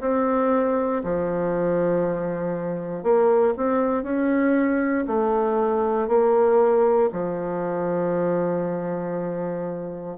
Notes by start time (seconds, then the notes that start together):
0.00 C4
1.03 F3
3.03 A#3
3.56 C4
4.03 C#4
5.07 A3
6.07 A#3
7.12 F3